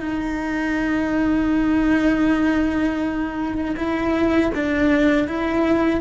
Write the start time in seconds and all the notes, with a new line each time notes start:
0.00 D#4
3.76 E4
4.54 D4
5.27 E4